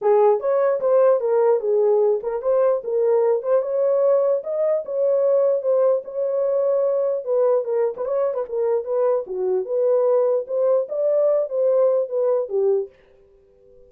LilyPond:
\new Staff \with { instrumentName = "horn" } { \time 4/4 \tempo 4 = 149 gis'4 cis''4 c''4 ais'4 | gis'4. ais'8 c''4 ais'4~ | ais'8 c''8 cis''2 dis''4 | cis''2 c''4 cis''4~ |
cis''2 b'4 ais'8. b'16 | cis''8. b'16 ais'4 b'4 fis'4 | b'2 c''4 d''4~ | d''8 c''4. b'4 g'4 | }